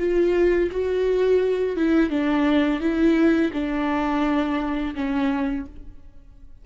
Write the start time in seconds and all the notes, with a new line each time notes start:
0.00 F4
0.72 F#4
1.77 E4
2.11 D4
2.81 E4
3.54 D4
4.96 C#4